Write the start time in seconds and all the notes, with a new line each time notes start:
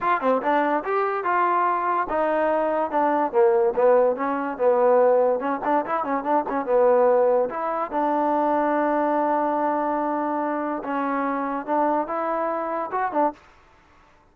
0.00 F4
0.20 C4
0.41 D4
0.84 G4
1.23 F4
2.09 D#4
2.90 D4
3.31 A#3
3.75 B3
4.16 C#4
4.57 B3
5.39 C#4
5.64 D4
5.85 E4
6.04 C#4
6.23 D4
6.49 C#4
6.65 B3
7.49 E4
7.91 D4
10.83 C#4
11.66 D4
12.07 E4
12.91 F#4
13.12 D4